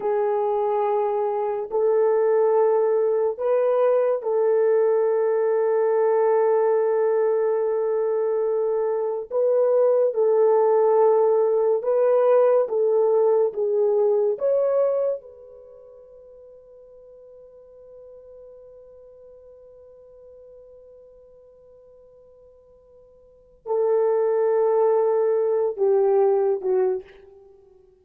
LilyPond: \new Staff \with { instrumentName = "horn" } { \time 4/4 \tempo 4 = 71 gis'2 a'2 | b'4 a'2.~ | a'2. b'4 | a'2 b'4 a'4 |
gis'4 cis''4 b'2~ | b'1~ | b'1 | a'2~ a'8 g'4 fis'8 | }